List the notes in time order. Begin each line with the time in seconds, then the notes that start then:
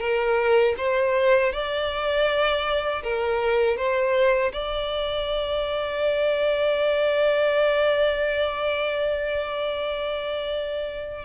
0.00 A#4
0.78 C5
1.53 D5
3.03 A#4
3.77 C5
4.53 D5